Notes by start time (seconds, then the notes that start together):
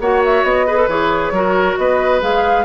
0.00 A#3 F#4 C#5 F#5
0.25 E5
0.43 B3 D#5
0.67 G#4 B4
0.78 A4
0.88 E3 G#4 C#5
1.31 F#3 F#4 A#4
1.77 B3 B4 D#5
2.21 G#3 G#4 F5